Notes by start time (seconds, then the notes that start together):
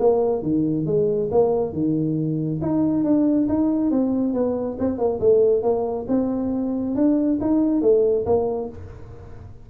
0.00 A#3
0.43 D#3
0.86 G#3
1.32 A#3
1.73 D#3
2.62 D#4
3.04 D4
3.49 D#4
3.91 C4
4.34 B3
4.79 C4
4.98 A#3
5.20 A3
5.63 A#3
6.08 C4
6.95 D4
7.41 D#4
7.82 A3
8.26 A#3